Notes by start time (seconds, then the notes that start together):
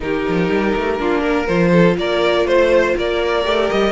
0.00 D#3 D#4 G4 A#4
0.28 F3
0.49 G3
0.75 A3
0.98 A#3 D4 F4
1.20 A#4
1.47 F3 F4 C5
1.71 A4
1.98 A#3 A#4 D5
2.45 A3 C5
2.96 A#3 A#4 D5
3.43 A3 G4
3.70 G3 D#5